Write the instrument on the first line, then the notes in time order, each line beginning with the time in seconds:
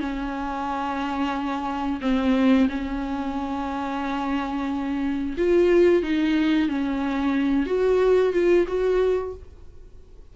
viola
0.00 C#4
2.01 C4
2.69 C#4
5.37 F4
6.03 D#4
6.68 C#4
7.66 F#4
8.33 F4
8.67 F#4